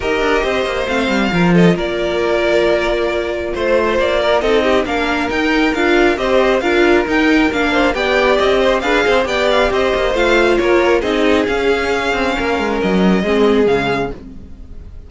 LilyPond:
<<
  \new Staff \with { instrumentName = "violin" } { \time 4/4 \tempo 4 = 136 dis''2 f''4. dis''8 | d''1 | c''4 d''4 dis''4 f''4 | g''4 f''4 dis''4 f''4 |
g''4 f''4 g''4 dis''4 | f''4 g''8 f''8 dis''4 f''4 | cis''4 dis''4 f''2~ | f''4 dis''2 f''4 | }
  \new Staff \with { instrumentName = "violin" } { \time 4/4 ais'4 c''2 ais'8 a'8 | ais'1 | c''4. ais'8 a'8 g'8 ais'4~ | ais'2 c''4 ais'4~ |
ais'4. c''8 d''4. c''8 | b'8 c''8 d''4 c''2 | ais'4 gis'2. | ais'2 gis'2 | }
  \new Staff \with { instrumentName = "viola" } { \time 4/4 g'2 c'4 f'4~ | f'1~ | f'2 dis'4 d'4 | dis'4 f'4 g'4 f'4 |
dis'4 d'4 g'2 | gis'4 g'2 f'4~ | f'4 dis'4 cis'2~ | cis'2 c'4 gis4 | }
  \new Staff \with { instrumentName = "cello" } { \time 4/4 dis'8 d'8 c'8 ais8 a8 g8 f4 | ais1 | a4 ais4 c'4 ais4 | dis'4 d'4 c'4 d'4 |
dis'4 ais4 b4 c'4 | d'8 c'8 b4 c'8 ais8 a4 | ais4 c'4 cis'4. c'8 | ais8 gis8 fis4 gis4 cis4 | }
>>